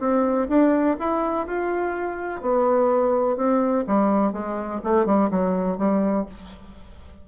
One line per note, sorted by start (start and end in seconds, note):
0.00 0.48 C4
0.48 0.96 D4
1.00 1.47 E4
1.47 2.42 F4
2.42 3.37 B3
3.37 3.85 C4
3.87 4.33 G3
4.33 4.81 G#3
4.84 5.06 A3
5.06 5.30 G3
5.31 5.78 F#3
5.78 6.26 G3